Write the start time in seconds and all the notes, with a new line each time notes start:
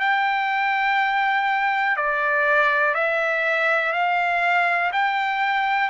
0.00 G5
1.97 D5
2.95 E5
3.93 F5
4.93 G5